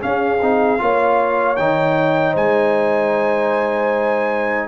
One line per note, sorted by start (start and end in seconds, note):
0.00 0.39 C#4
0.00 0.42 C#4
0.00 0.81 G#4
0.00 1.56 F5
0.42 0.81 C4
0.42 0.78 D#4
0.78 1.59 A#3
0.78 1.56 F4
0.78 2.33 C#5
1.56 2.36 D#3
1.56 4.68 D#4
1.56 2.34 G5
2.33 4.68 G#3
2.33 4.66 C5
2.33 4.68 G#5